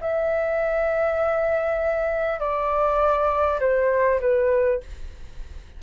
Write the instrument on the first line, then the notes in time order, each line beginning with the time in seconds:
flute
0.00 E5
2.39 D5
3.60 C5
4.20 B4